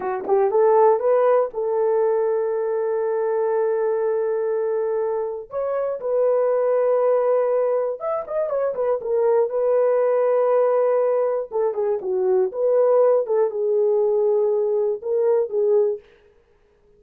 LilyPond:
\new Staff \with { instrumentName = "horn" } { \time 4/4 \tempo 4 = 120 fis'8 g'8 a'4 b'4 a'4~ | a'1~ | a'2. cis''4 | b'1 |
e''8 dis''8 cis''8 b'8 ais'4 b'4~ | b'2. a'8 gis'8 | fis'4 b'4. a'8 gis'4~ | gis'2 ais'4 gis'4 | }